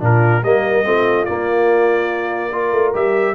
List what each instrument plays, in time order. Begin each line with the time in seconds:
0.00 tuba A#2, trombone D4, horn F4, trumpet A#4
0.43 tuba G3, trombone A#3, horn A#4, trumpet D#5
0.84 tuba A3, trombone C4, horn F4
1.25 trombone A#3, tuba A#3, trumpet D5
2.51 trombone F4, horn A#4
2.72 tuba A3
2.94 tuba G3, trombone G4, trumpet E5